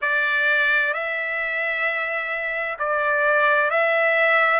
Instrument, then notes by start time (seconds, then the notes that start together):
trumpet
0.01 D5
0.93 E5
2.79 D5
3.70 E5